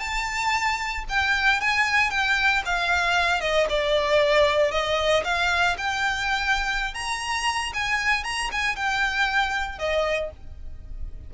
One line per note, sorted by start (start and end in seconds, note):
0.00 1.04 A5
1.09 1.61 G5
1.61 2.11 G#5
2.11 2.63 G5
2.66 3.41 F5
3.41 3.67 D#5
3.69 4.71 D5
4.71 5.24 D#5
5.25 5.77 F5
5.78 6.95 G5
6.95 7.73 A#5
7.74 8.24 G#5
8.24 8.50 A#5
8.52 8.76 G#5
8.76 9.79 G5
9.79 10.31 D#5